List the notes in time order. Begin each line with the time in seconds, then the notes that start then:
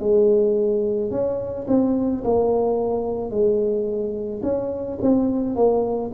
0.00 G#3
1.12 C#4
1.68 C4
2.25 A#3
3.31 G#3
4.43 C#4
5.02 C4
5.56 A#3